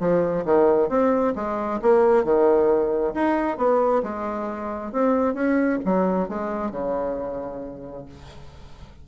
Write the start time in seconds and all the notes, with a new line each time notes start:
0.00 F3
0.45 D#3
0.89 C4
1.36 G#3
1.82 A#3
2.24 D#3
3.14 D#4
3.58 B3
4.03 G#3
4.93 C4
5.34 C#4
5.85 F#3
6.29 G#3
6.71 C#3